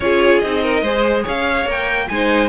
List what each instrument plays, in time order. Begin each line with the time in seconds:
0.00 cello C#4, viola F4, violin G#4 C#5
0.39 cello C4, viola D#4, violin D#5
0.63 violin A#4
0.82 cello G#3, viola G#4, violin C5
1.23 cello C#4, violin C#5 F5
1.65 cello A#3, viola A#4, violin G5
2.08 cello G#3, viola D#4, violin C5 G#5